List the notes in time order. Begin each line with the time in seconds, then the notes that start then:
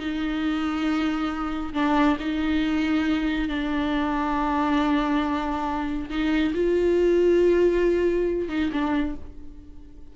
0.00 D#4
1.74 D4
2.20 D#4
3.49 D4
6.10 D#4
6.54 F4
8.49 D#4
8.73 D4